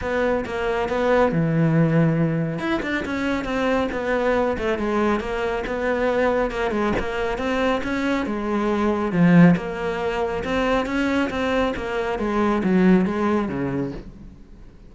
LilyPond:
\new Staff \with { instrumentName = "cello" } { \time 4/4 \tempo 4 = 138 b4 ais4 b4 e4~ | e2 e'8 d'8 cis'4 | c'4 b4. a8 gis4 | ais4 b2 ais8 gis8 |
ais4 c'4 cis'4 gis4~ | gis4 f4 ais2 | c'4 cis'4 c'4 ais4 | gis4 fis4 gis4 cis4 | }